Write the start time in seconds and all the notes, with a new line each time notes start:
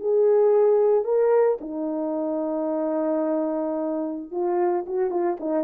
0.00 G#4
1.04 A#4
1.61 D#4
4.31 F4
4.86 F#4
5.10 F4
5.40 D#4